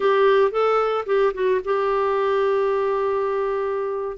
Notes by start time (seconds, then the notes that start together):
0.00 G4
0.51 A4
1.06 G4
1.34 F#4
1.64 G4